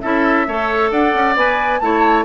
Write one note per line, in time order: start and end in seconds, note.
0.00 0.47 C#4
0.00 0.46 E4
0.00 0.46 A4
0.00 0.89 E5
0.47 0.91 A3
0.47 1.36 A4
0.47 0.91 C#5
0.91 1.14 D4
0.91 1.80 D5
0.91 1.35 F#5
1.14 1.36 C#4
1.36 1.80 B3
1.36 1.80 B4
1.36 1.79 G#5
1.79 2.25 A3
1.79 2.25 E4
1.79 2.25 C#5
1.79 2.24 A5